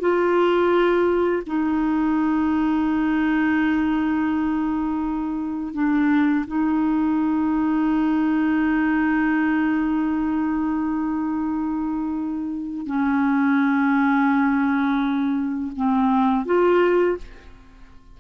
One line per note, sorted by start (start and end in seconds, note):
0.00 1.43 F4
1.46 5.74 D#4
5.74 6.45 D4
6.47 12.86 D#4
12.86 15.72 C#4
15.76 16.46 C4
16.46 17.17 F4